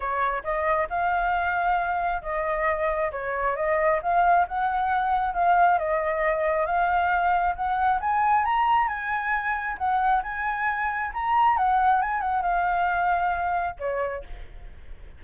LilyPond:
\new Staff \with { instrumentName = "flute" } { \time 4/4 \tempo 4 = 135 cis''4 dis''4 f''2~ | f''4 dis''2 cis''4 | dis''4 f''4 fis''2 | f''4 dis''2 f''4~ |
f''4 fis''4 gis''4 ais''4 | gis''2 fis''4 gis''4~ | gis''4 ais''4 fis''4 gis''8 fis''8 | f''2. cis''4 | }